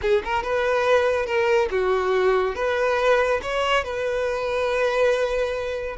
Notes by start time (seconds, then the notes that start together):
0.01 G#4
0.24 A#4
0.43 B4
1.26 A#4
1.71 F#4
2.55 B4
3.42 C#5
3.84 B4